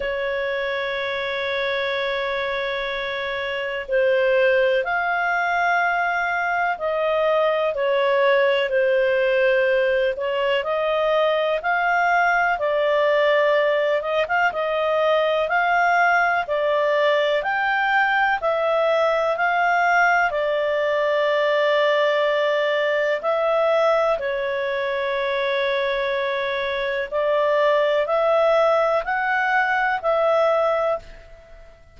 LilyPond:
\new Staff \with { instrumentName = "clarinet" } { \time 4/4 \tempo 4 = 62 cis''1 | c''4 f''2 dis''4 | cis''4 c''4. cis''8 dis''4 | f''4 d''4. dis''16 f''16 dis''4 |
f''4 d''4 g''4 e''4 | f''4 d''2. | e''4 cis''2. | d''4 e''4 fis''4 e''4 | }